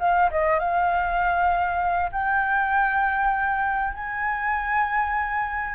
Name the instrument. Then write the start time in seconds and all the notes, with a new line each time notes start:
flute
0.00 F5
0.31 D#5
0.60 F5
2.12 G5
3.94 G#5